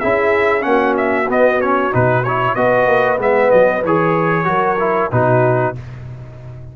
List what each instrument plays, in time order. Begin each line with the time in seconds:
0.00 tuba C#4, trombone E4, horn G#4, trumpet E5
0.61 tuba A#3, trombone C#4, trumpet F#5
0.68 horn F#4
0.97 trumpet E5
1.29 trombone B3, tuba B3, trumpet D#5
1.61 trombone C#4, trumpet C#5
1.92 tuba B2, trombone D#4, trumpet B4
2.24 trombone E4, trumpet C#5
2.55 tuba B3, trombone F#4, horn B4, trumpet D#5
2.87 tuba A#3
3.18 tuba G#3, trombone B3, trumpet E5
3.51 tuba F#3, trumpet D#5
3.84 tuba E3, trombone G#4, trumpet C#5
4.45 tuba F#3, trombone F#4, horn A#4
4.80 trombone E4
5.12 tuba B2, trombone D#4, horn F#4, trumpet B4